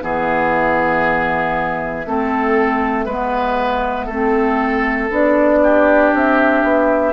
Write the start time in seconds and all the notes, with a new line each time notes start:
0.00 E3 B3 G#4 E5
2.06 A3 C4 A4
3.06 G#3 B3 B4
4.06 A3 C4 A4
5.11 B3 D4 D5
5.63 G4
6.14 C4 E5
6.64 B3